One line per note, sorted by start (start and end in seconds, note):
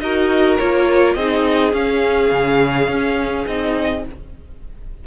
0.00 0.59 D#4
0.00 0.60 F#4
0.00 1.15 A#4
0.00 0.58 D#5
0.59 1.16 A#3
0.59 1.18 F4
0.59 1.14 C#5
1.14 1.73 C4
1.14 1.72 D#4
1.14 4.03 G#4
1.14 1.72 D#5
1.72 3.45 C#4
1.72 2.31 C#4
1.72 3.47 F5
2.32 2.88 C#3
2.88 3.46 C#4
3.47 4.05 C4
3.47 4.07 D#4
3.47 4.05 D#5